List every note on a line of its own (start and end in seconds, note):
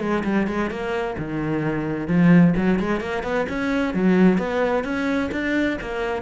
0.00 0.23 G#3
0.24 0.47 G3
0.47 0.70 G#3
0.70 1.16 A#3
1.18 2.08 D#3
2.08 2.54 F3
2.56 2.79 F#3
2.79 3.01 G#3
3.01 3.23 A#3
3.23 3.46 B3
3.49 3.94 C#4
3.94 4.38 F#3
4.38 4.84 B3
4.84 5.30 C#4
5.32 5.78 D4
5.81 6.22 A#3